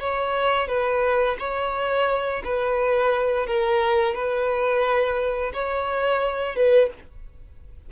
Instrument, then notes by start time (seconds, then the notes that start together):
violin
0.00 C#5
0.68 B4
1.39 C#5
2.45 B4
3.47 A#4
4.15 B4
5.54 C#5
6.56 B4